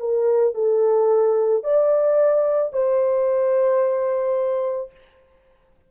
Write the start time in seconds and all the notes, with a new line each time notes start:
0.00 A#4
0.55 A4
1.64 D5
2.73 C5